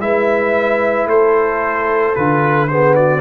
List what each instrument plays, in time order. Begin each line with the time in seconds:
0.00 tuba G#3, trombone E4, horn B4, trumpet E5
1.06 tuba A3, horn A4, trumpet C5
2.15 tuba D3, trombone F4, trumpet B4
2.68 trombone B3, horn G#4, trumpet C5
2.95 horn F#4, trumpet D5